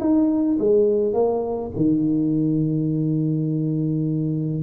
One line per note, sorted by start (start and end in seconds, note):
0.00 0.58 D#4
0.59 1.13 G#3
1.13 1.71 A#3
1.76 4.63 D#3